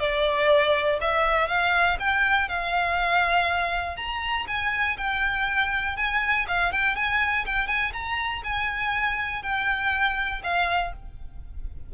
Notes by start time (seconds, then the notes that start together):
0.00 D5
1.01 E5
1.48 F5
1.99 G5
2.49 F5
3.97 A#5
4.47 G#5
4.98 G5
5.97 G#5
6.48 F5
6.72 G5
6.96 G#5
7.46 G5
7.68 G#5
7.93 A#5
8.44 G#5
9.43 G5
10.44 F5